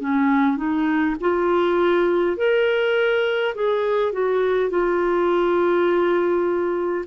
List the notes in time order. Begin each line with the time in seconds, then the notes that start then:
0.00 C#4
0.57 D#4
1.21 F4
2.37 A#4
3.55 G#4
4.13 F#4
4.70 F4